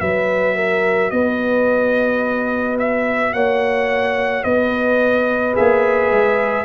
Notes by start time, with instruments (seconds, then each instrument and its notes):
0.00 tuba F#3, trombone F#4, horn B4, trumpet E5
0.56 horn A#4
1.10 tuba B3, horn B4, trumpet D#5
2.79 trumpet E5
3.33 tuba A#3, horn C#5, trumpet F#5
4.44 tuba B3, horn B4, trumpet D#5
5.54 tuba A#3, trombone G#4, trumpet E5
6.11 tuba G#3